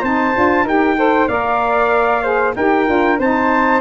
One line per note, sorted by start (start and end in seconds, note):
0.00 0.34 C4
0.00 0.34 D#4
0.00 0.63 C5
0.00 0.67 A5
0.34 0.63 D4
0.34 0.66 F4
0.63 1.27 D#4
0.63 0.95 G4
0.63 0.95 A#4
0.63 1.28 G5
0.95 1.27 A4
0.95 1.28 C5
1.28 2.54 A#3
1.28 2.22 A#4
1.28 2.22 D5
1.28 2.54 F5
2.22 2.54 G#4
2.22 2.54 C5
2.55 2.88 D#4
2.55 2.86 G4
2.55 3.19 A#4
2.55 3.18 G5
2.86 3.18 D4
2.86 3.17 F4
3.18 3.80 C4
3.18 3.80 D#4
3.18 3.80 C5
3.18 3.80 A5